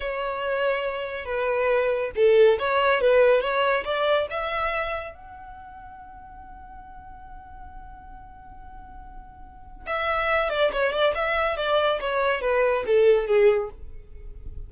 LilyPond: \new Staff \with { instrumentName = "violin" } { \time 4/4 \tempo 4 = 140 cis''2. b'4~ | b'4 a'4 cis''4 b'4 | cis''4 d''4 e''2 | fis''1~ |
fis''1~ | fis''2. e''4~ | e''8 d''8 cis''8 d''8 e''4 d''4 | cis''4 b'4 a'4 gis'4 | }